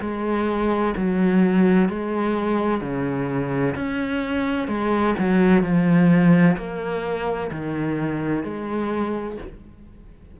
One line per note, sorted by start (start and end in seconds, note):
0.00 0.94 G#3
0.96 1.89 F#3
1.89 2.81 G#3
2.81 3.75 C#3
3.75 4.67 C#4
4.67 5.14 G#3
5.18 5.62 F#3
5.62 6.56 F3
6.57 7.50 A#3
7.51 8.43 D#3
8.43 9.37 G#3